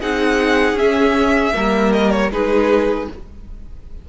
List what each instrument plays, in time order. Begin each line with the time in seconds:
0.00 cello C4, viola D#4, violin G#4 F#5
0.73 cello C#4, viola C#4, violin E5
1.53 cello G3, viola A#3, violin A#4
1.93 violin D#5
2.11 violin C#5
2.31 cello G#3, viola D#4, violin G#4 B4